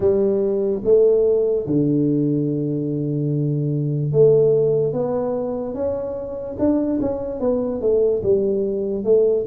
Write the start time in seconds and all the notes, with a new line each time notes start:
0.00 G3
0.84 A3
1.66 D3
4.11 A3
4.92 B3
5.74 C#4
6.58 D4
7.00 C#4
7.40 B3
7.81 A3
8.22 G3
9.04 A3